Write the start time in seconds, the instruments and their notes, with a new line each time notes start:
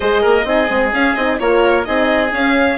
0.00 bassoon G#3, horn G#4, oboe C5, violin D#5
0.21 bassoon A#3, oboe A#4
0.45 bassoon C4, horn D#4, oboe G#4
0.68 bassoon G#3, horn C4
0.92 bassoon C#4, horn C#4, violin F5
1.15 bassoon C4, horn D#4, violin D#5
1.39 bassoon A#3, horn F4, oboe A#4, violin C#5
1.84 bassoon C4, horn D#4, oboe G#4, violin D#5
2.31 bassoon C#4, horn C#4, violin F5